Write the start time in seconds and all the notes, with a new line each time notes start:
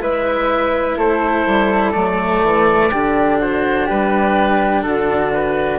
0.00 G#3 E4 B4 E5
0.98 A3 A4 C5
1.47 G3
1.92 F#3 A3 D5
2.43 E3
2.91 D3 D4 G4
3.39 F#4 C5
3.86 G3 G4 B4
4.83 D3 F#4 A4
5.33 B4